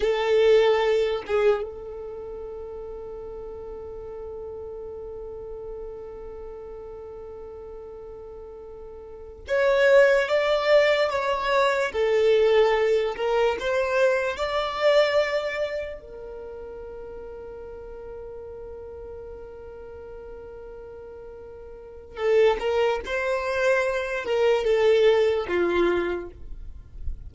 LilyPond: \new Staff \with { instrumentName = "violin" } { \time 4/4 \tempo 4 = 73 a'4. gis'8 a'2~ | a'1~ | a'2.~ a'8 cis''8~ | cis''8 d''4 cis''4 a'4. |
ais'8 c''4 d''2 ais'8~ | ais'1~ | ais'2. a'8 ais'8 | c''4. ais'8 a'4 f'4 | }